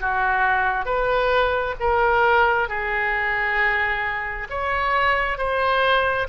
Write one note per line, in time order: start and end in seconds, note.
0.00 0.85 F#4
0.85 1.75 B4
1.80 2.68 A#4
2.68 4.47 G#4
4.49 5.38 C#5
5.38 6.27 C5